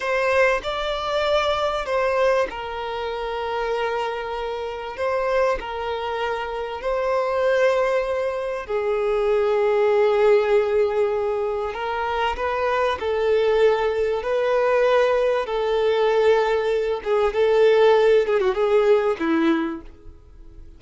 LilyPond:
\new Staff \with { instrumentName = "violin" } { \time 4/4 \tempo 4 = 97 c''4 d''2 c''4 | ais'1 | c''4 ais'2 c''4~ | c''2 gis'2~ |
gis'2. ais'4 | b'4 a'2 b'4~ | b'4 a'2~ a'8 gis'8 | a'4. gis'16 fis'16 gis'4 e'4 | }